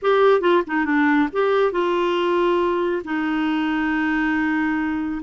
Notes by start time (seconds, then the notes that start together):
0.01 G4
0.40 F4
0.66 D#4
0.85 D4
1.32 G4
1.72 F4
3.04 D#4